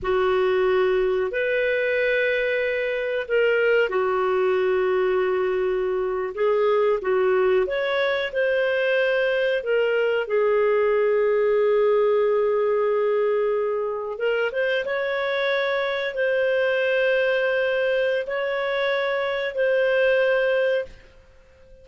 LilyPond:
\new Staff \with { instrumentName = "clarinet" } { \time 4/4 \tempo 4 = 92 fis'2 b'2~ | b'4 ais'4 fis'2~ | fis'4.~ fis'16 gis'4 fis'4 cis''16~ | cis''8. c''2 ais'4 gis'16~ |
gis'1~ | gis'4.~ gis'16 ais'8 c''8 cis''4~ cis''16~ | cis''8. c''2.~ c''16 | cis''2 c''2 | }